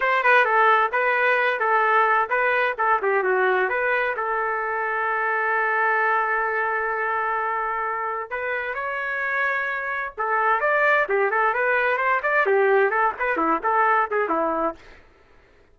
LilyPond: \new Staff \with { instrumentName = "trumpet" } { \time 4/4 \tempo 4 = 130 c''8 b'8 a'4 b'4. a'8~ | a'4 b'4 a'8 g'8 fis'4 | b'4 a'2.~ | a'1~ |
a'2 b'4 cis''4~ | cis''2 a'4 d''4 | g'8 a'8 b'4 c''8 d''8 g'4 | a'8 b'8 e'8 a'4 gis'8 e'4 | }